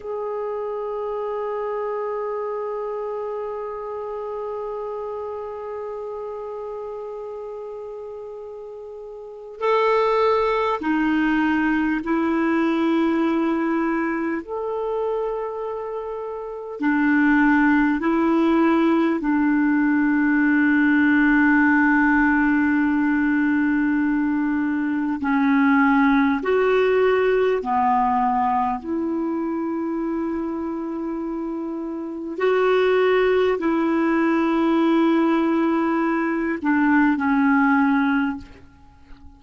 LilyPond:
\new Staff \with { instrumentName = "clarinet" } { \time 4/4 \tempo 4 = 50 gis'1~ | gis'1 | a'4 dis'4 e'2 | a'2 d'4 e'4 |
d'1~ | d'4 cis'4 fis'4 b4 | e'2. fis'4 | e'2~ e'8 d'8 cis'4 | }